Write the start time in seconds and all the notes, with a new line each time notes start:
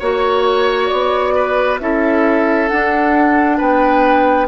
0.00 A#3 F#4 C#5
0.89 B3 D5
1.35 B4
1.80 C#4 E4 A4 E5
2.68 D4 F#5
3.58 B3 B4 G5